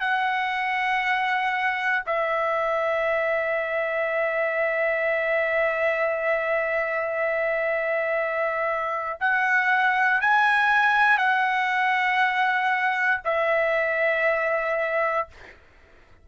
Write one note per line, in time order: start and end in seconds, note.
0.00 2.03 F#5
2.06 9.18 E5
9.20 10.21 F#5
10.21 11.17 G#5
11.17 13.21 F#5
13.24 15.28 E5